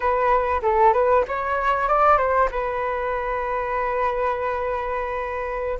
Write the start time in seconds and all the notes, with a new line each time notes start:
0.00 B4
0.62 A4
0.93 B4
1.28 C#5
1.88 D5
2.17 C5
2.51 B4